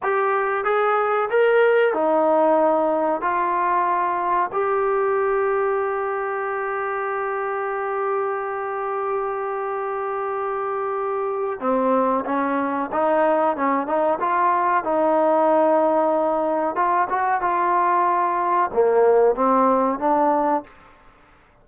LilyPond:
\new Staff \with { instrumentName = "trombone" } { \time 4/4 \tempo 4 = 93 g'4 gis'4 ais'4 dis'4~ | dis'4 f'2 g'4~ | g'1~ | g'1~ |
g'2 c'4 cis'4 | dis'4 cis'8 dis'8 f'4 dis'4~ | dis'2 f'8 fis'8 f'4~ | f'4 ais4 c'4 d'4 | }